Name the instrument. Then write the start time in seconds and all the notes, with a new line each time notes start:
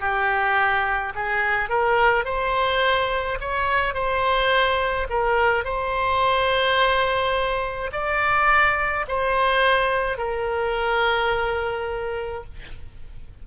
oboe
0.00 G4
1.15 G#4
1.69 A#4
2.25 C5
3.41 C#5
3.94 C5
5.10 A#4
5.64 C5
7.92 D5
9.08 C5
10.18 A#4